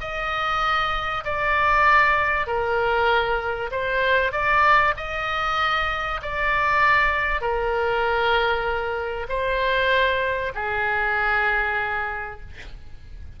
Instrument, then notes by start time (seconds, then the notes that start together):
oboe
0.00 D#5
1.24 D5
2.46 A#4
3.71 C5
4.32 D5
4.97 D#5
6.22 D5
7.41 A#4
9.28 C5
10.54 G#4